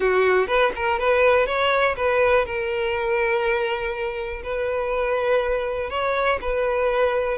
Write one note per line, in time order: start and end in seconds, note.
0.00 0.47 F#4
0.47 0.72 B4
0.75 0.99 A#4
0.99 1.46 B4
1.46 1.95 C#5
1.96 2.45 B4
2.45 4.42 A#4
4.43 5.89 B4
5.89 6.39 C#5
6.41 7.38 B4